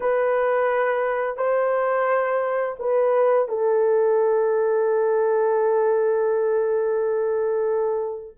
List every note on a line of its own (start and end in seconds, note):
0.00 1.36 B4
1.36 2.76 C5
2.79 3.48 B4
3.48 8.36 A4